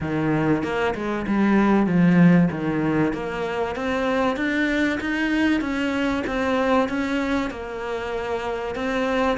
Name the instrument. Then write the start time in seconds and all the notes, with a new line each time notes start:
cello
0.01 D#3
0.63 A#3
0.94 G#3
1.27 G3
1.86 F3
2.51 D#3
3.13 A#3
3.75 C4
4.36 D4
5.00 D#4
5.61 C#4
6.26 C4
6.88 C#4
7.50 A#3
8.75 C4